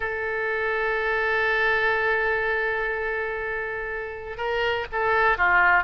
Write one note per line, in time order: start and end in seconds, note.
0.00 4.37 A4
4.37 4.85 A#4
4.92 5.37 A4
5.37 5.83 F4